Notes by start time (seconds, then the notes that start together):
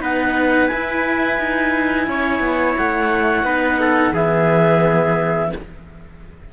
0.00 B3 D#4 B4 F#5
0.68 E4 G#5
1.39 D#4
2.07 C#4 C#5
2.40 B3
2.77 A3 F#5
3.43 B3 D#4 B4
3.80 A4
4.13 E3 B3 G#4 E5